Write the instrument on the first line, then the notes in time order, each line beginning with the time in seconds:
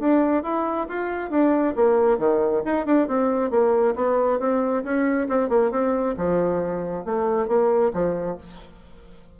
bassoon
0.00 D4
0.44 E4
0.89 F4
1.31 D4
1.76 A#3
2.19 D#3
2.66 D#4
2.86 D4
3.08 C4
3.51 A#3
3.96 B3
4.40 C4
4.84 C#4
5.29 C4
5.50 A#3
5.72 C4
6.17 F3
7.06 A3
7.48 A#3
7.94 F3